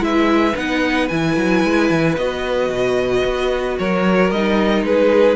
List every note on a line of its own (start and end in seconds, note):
0.00 0.54 G#3
0.00 0.54 E4
0.00 3.79 B4
0.00 0.58 E5
0.57 1.10 B3
0.57 1.10 D#4
0.57 1.09 F#5
1.09 1.37 E3
1.09 2.18 E4
1.09 2.16 G#5
1.37 1.64 F#3
1.64 1.91 G#3
1.91 2.17 E3
2.17 2.70 B3
2.17 4.33 F#4
2.17 3.78 D#5
2.70 3.23 B2
3.25 3.79 B3
3.79 4.32 F#3
3.79 4.86 A#4
3.79 4.31 C#5
4.31 4.83 G3
4.31 5.37 D#4
4.31 4.85 D#5
4.83 5.37 G#3
4.83 5.37 G#4
4.83 5.37 B4